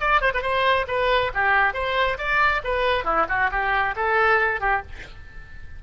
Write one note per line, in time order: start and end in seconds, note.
0.00 0.21 D5
0.21 0.32 C5
0.34 0.42 B4
0.42 0.86 C5
0.88 1.32 B4
1.34 1.74 G4
1.74 2.18 C5
2.18 2.62 D5
2.64 3.04 B4
3.04 3.26 E4
3.29 3.51 F#4
3.51 3.95 G4
3.96 4.60 A4
4.60 4.82 G4